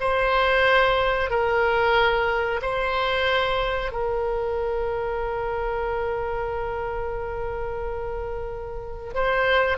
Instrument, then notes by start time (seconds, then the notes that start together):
oboe
0.00 C5
1.30 A#4
2.61 C5
3.92 A#4
9.14 C5